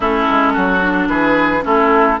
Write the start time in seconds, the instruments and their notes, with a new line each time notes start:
0.00 bassoon A3, clarinet C#4, oboe E4, flute A4
0.29 bassoon G#3
0.53 bassoon F#3, oboe F#4
0.81 clarinet D4
1.08 bassoon E3, oboe G#4, flute B4
1.61 bassoon A3, clarinet C#4, oboe E4, flute A4